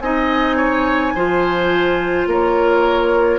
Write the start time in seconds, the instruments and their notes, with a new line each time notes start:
0.00 bassoon C4, clarinet D#4, oboe D#5, flute G#5
0.57 oboe C#5
1.15 bassoon F3, clarinet F4, oboe C5
2.27 bassoon A#3, oboe A#4, flute C#5